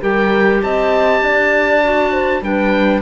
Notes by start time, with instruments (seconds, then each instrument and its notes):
0.00 cello G3, clarinet G4, horn A#4, oboe G5
0.62 cello C4, horn D#5, oboe A5
1.21 cello D4, horn D5
1.83 clarinet F#4
2.11 horn C5
2.41 cello G3, clarinet D4, horn B4, oboe G5